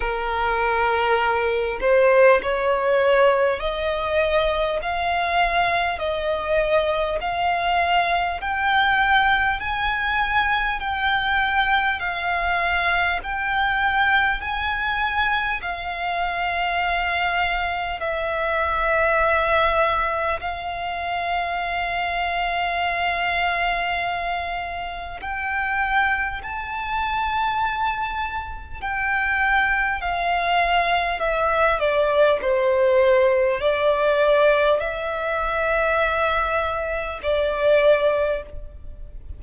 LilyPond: \new Staff \with { instrumentName = "violin" } { \time 4/4 \tempo 4 = 50 ais'4. c''8 cis''4 dis''4 | f''4 dis''4 f''4 g''4 | gis''4 g''4 f''4 g''4 | gis''4 f''2 e''4~ |
e''4 f''2.~ | f''4 g''4 a''2 | g''4 f''4 e''8 d''8 c''4 | d''4 e''2 d''4 | }